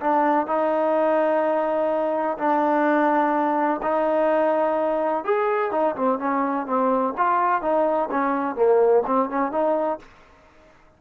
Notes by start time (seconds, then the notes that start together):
0.00 D4
0.47 D#4
2.38 D4
3.82 D#4
5.24 G#4
5.71 D#4
5.95 C4
6.18 C#4
6.66 C4
7.17 F4
7.61 D#4
8.10 C#4
8.56 A#3
9.06 C4
9.30 C#4
9.52 D#4